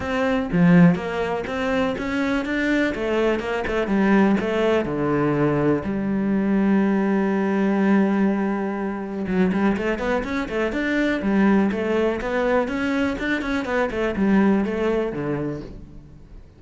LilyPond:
\new Staff \with { instrumentName = "cello" } { \time 4/4 \tempo 4 = 123 c'4 f4 ais4 c'4 | cis'4 d'4 a4 ais8 a8 | g4 a4 d2 | g1~ |
g2. fis8 g8 | a8 b8 cis'8 a8 d'4 g4 | a4 b4 cis'4 d'8 cis'8 | b8 a8 g4 a4 d4 | }